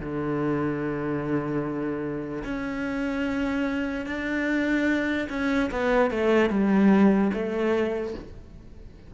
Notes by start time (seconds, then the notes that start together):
0.00 D3
2.44 C#4
4.06 D4
5.30 C#4
5.71 B3
6.11 A3
6.50 G3
7.33 A3